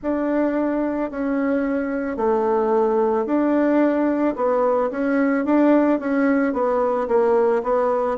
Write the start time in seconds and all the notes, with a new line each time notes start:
0.02 D4
1.10 C#4
2.17 A3
3.25 D4
4.35 B3
4.90 C#4
5.45 D4
6.00 C#4
6.53 B3
7.08 A#3
7.63 B3